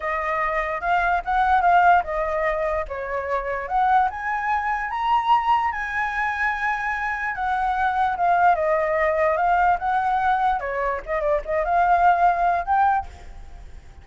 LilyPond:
\new Staff \with { instrumentName = "flute" } { \time 4/4 \tempo 4 = 147 dis''2 f''4 fis''4 | f''4 dis''2 cis''4~ | cis''4 fis''4 gis''2 | ais''2 gis''2~ |
gis''2 fis''2 | f''4 dis''2 f''4 | fis''2 cis''4 dis''8 d''8 | dis''8 f''2~ f''8 g''4 | }